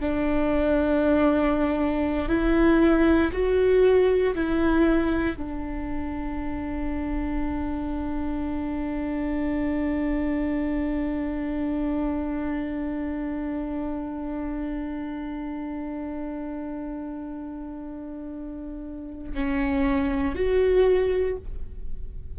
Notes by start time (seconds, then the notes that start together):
0.00 D4
2.28 E4
3.32 F#4
4.34 E4
5.37 D4
19.34 C#4
20.35 F#4